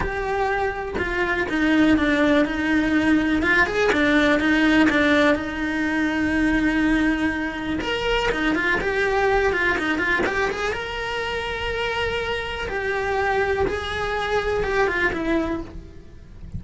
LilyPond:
\new Staff \with { instrumentName = "cello" } { \time 4/4 \tempo 4 = 123 g'2 f'4 dis'4 | d'4 dis'2 f'8 gis'8 | d'4 dis'4 d'4 dis'4~ | dis'1 |
ais'4 dis'8 f'8 g'4. f'8 | dis'8 f'8 g'8 gis'8 ais'2~ | ais'2 g'2 | gis'2 g'8 f'8 e'4 | }